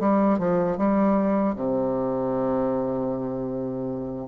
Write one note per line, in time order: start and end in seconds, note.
0.00 0.39 G3
0.39 0.78 F3
0.78 1.56 G3
1.56 4.28 C3